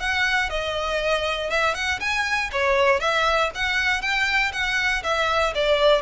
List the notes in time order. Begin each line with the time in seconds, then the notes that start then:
0.00 F#5
0.50 D#5
1.50 E5
1.75 F#5
2.00 G#5
2.52 C#5
3.00 E5
3.55 F#5
4.02 G5
4.53 F#5
5.04 E5
5.55 D5